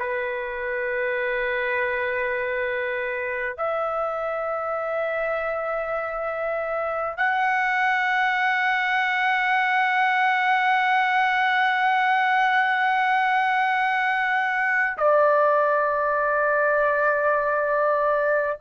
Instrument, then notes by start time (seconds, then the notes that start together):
trumpet
0.00 B4
3.58 E5
7.18 F#5
14.98 D5